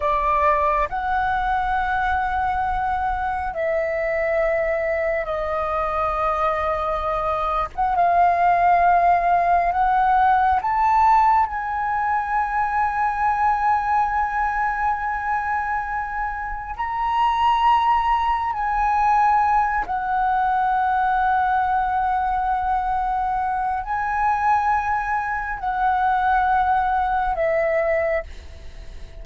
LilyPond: \new Staff \with { instrumentName = "flute" } { \time 4/4 \tempo 4 = 68 d''4 fis''2. | e''2 dis''2~ | dis''8. fis''16 f''2 fis''4 | a''4 gis''2.~ |
gis''2. ais''4~ | ais''4 gis''4. fis''4.~ | fis''2. gis''4~ | gis''4 fis''2 e''4 | }